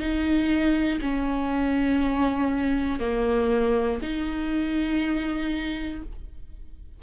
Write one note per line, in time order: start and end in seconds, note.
0.00 1.00 D#4
1.01 3.00 C#4
3.00 4.00 A#3
4.02 6.02 D#4